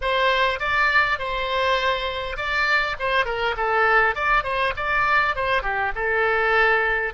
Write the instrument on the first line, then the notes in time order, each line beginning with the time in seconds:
oboe
0.01 C5
0.59 D5
1.19 C5
2.36 D5
2.99 C5
3.25 A#4
3.56 A4
4.15 D5
4.43 C5
4.76 D5
5.35 C5
5.62 G4
5.95 A4